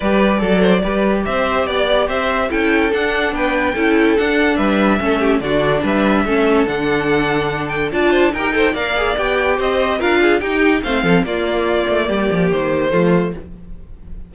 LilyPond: <<
  \new Staff \with { instrumentName = "violin" } { \time 4/4 \tempo 4 = 144 d''2. e''4 | d''4 e''4 g''4 fis''4 | g''2 fis''4 e''4~ | e''4 d''4 e''2 |
fis''2~ fis''8 g''8 a''4 | g''4 f''4 g''4 dis''4 | f''4 g''4 f''4 d''4~ | d''2 c''2 | }
  \new Staff \with { instrumentName = "violin" } { \time 4/4 b'4 a'8 c''8 b'4 c''4 | d''4 c''4 a'2 | b'4 a'2 b'4 | a'8 g'8 fis'4 b'4 a'4~ |
a'2. d''8 c''8 | ais'8 c''8 d''2 c''4 | ais'8 gis'8 g'4 c''8 a'8 f'4~ | f'4 g'2 f'4 | }
  \new Staff \with { instrumentName = "viola" } { \time 4/4 g'4 a'4 g'2~ | g'2 e'4 d'4~ | d'4 e'4 d'2 | cis'4 d'2 cis'4 |
d'2. f'4 | g'8 a'8 ais'8 gis'8 g'2 | f'4 dis'4 c'4 ais4~ | ais2. a4 | }
  \new Staff \with { instrumentName = "cello" } { \time 4/4 g4 fis4 g4 c'4 | b4 c'4 cis'4 d'4 | b4 cis'4 d'4 g4 | a4 d4 g4 a4 |
d2. d'4 | dis'4 ais4 b4 c'4 | d'4 dis'4 a8 f8 ais4~ | ais8 a8 g8 f8 dis4 f4 | }
>>